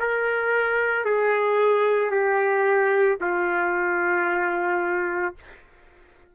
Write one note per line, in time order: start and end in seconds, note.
0.00 1.05 A#4
1.05 2.11 G#4
2.11 3.18 G4
3.21 5.36 F4